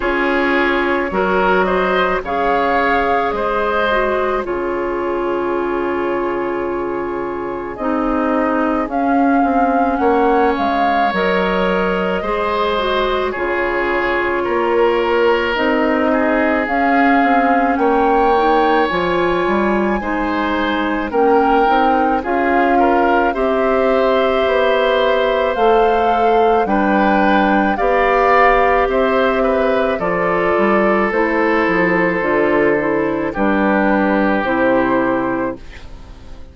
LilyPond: <<
  \new Staff \with { instrumentName = "flute" } { \time 4/4 \tempo 4 = 54 cis''4. dis''8 f''4 dis''4 | cis''2. dis''4 | f''4 fis''8 f''8 dis''2 | cis''2 dis''4 f''4 |
g''4 gis''2 g''4 | f''4 e''2 f''4 | g''4 f''4 e''4 d''4 | c''2 b'4 c''4 | }
  \new Staff \with { instrumentName = "oboe" } { \time 4/4 gis'4 ais'8 c''8 cis''4 c''4 | gis'1~ | gis'4 cis''2 c''4 | gis'4 ais'4. gis'4. |
cis''2 c''4 ais'4 | gis'8 ais'8 c''2. | b'4 d''4 c''8 b'8 a'4~ | a'2 g'2 | }
  \new Staff \with { instrumentName = "clarinet" } { \time 4/4 f'4 fis'4 gis'4. fis'8 | f'2. dis'4 | cis'2 ais'4 gis'8 fis'8 | f'2 dis'4 cis'4~ |
cis'8 dis'8 f'4 dis'4 cis'8 dis'8 | f'4 g'2 a'4 | d'4 g'2 f'4 | e'4 f'8 e'8 d'4 e'4 | }
  \new Staff \with { instrumentName = "bassoon" } { \time 4/4 cis'4 fis4 cis4 gis4 | cis2. c'4 | cis'8 c'8 ais8 gis8 fis4 gis4 | cis4 ais4 c'4 cis'8 c'8 |
ais4 f8 g8 gis4 ais8 c'8 | cis'4 c'4 b4 a4 | g4 b4 c'4 f8 g8 | a8 f8 d4 g4 c4 | }
>>